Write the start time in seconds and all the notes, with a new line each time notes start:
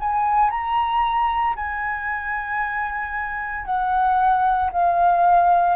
0.00 G#5
0.51 A#5
1.56 G#5
3.66 F#5
4.72 F5